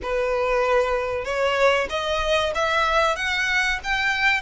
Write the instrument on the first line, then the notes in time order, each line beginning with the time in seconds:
violin
0.02 B4
1.24 C#5
1.89 D#5
2.54 E5
3.16 F#5
3.83 G5